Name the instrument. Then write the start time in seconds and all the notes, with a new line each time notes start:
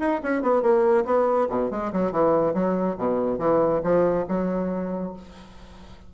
bassoon
0.00 D#4
0.24 C#4
0.43 B3
0.63 A#3
1.06 B3
1.50 B2
1.71 G#3
1.93 F#3
2.12 E3
2.54 F#3
2.98 B2
3.39 E3
3.84 F3
4.29 F#3